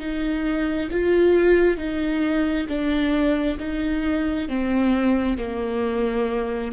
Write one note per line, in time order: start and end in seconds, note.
0.00 0.90 D#4
0.92 1.78 F4
1.78 2.67 D#4
2.69 3.59 D4
3.59 4.49 D#4
4.49 5.39 C4
5.39 6.73 A#3